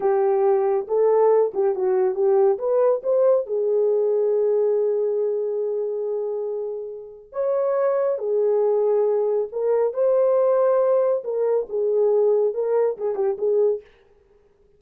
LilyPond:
\new Staff \with { instrumentName = "horn" } { \time 4/4 \tempo 4 = 139 g'2 a'4. g'8 | fis'4 g'4 b'4 c''4 | gis'1~ | gis'1~ |
gis'4 cis''2 gis'4~ | gis'2 ais'4 c''4~ | c''2 ais'4 gis'4~ | gis'4 ais'4 gis'8 g'8 gis'4 | }